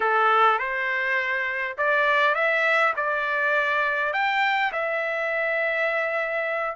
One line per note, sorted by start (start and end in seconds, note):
0.00 0.59 A4
0.59 1.76 C5
1.77 2.34 D5
2.34 2.93 E5
2.96 4.13 D5
4.13 4.72 G5
4.72 6.75 E5